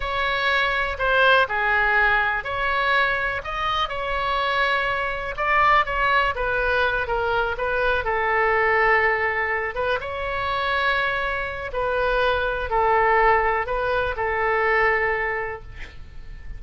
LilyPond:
\new Staff \with { instrumentName = "oboe" } { \time 4/4 \tempo 4 = 123 cis''2 c''4 gis'4~ | gis'4 cis''2 dis''4 | cis''2. d''4 | cis''4 b'4. ais'4 b'8~ |
b'8 a'2.~ a'8 | b'8 cis''2.~ cis''8 | b'2 a'2 | b'4 a'2. | }